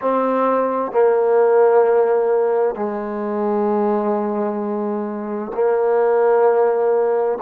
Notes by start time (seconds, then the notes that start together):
0.01 C4
0.92 A#3
2.74 G#3
5.54 A#3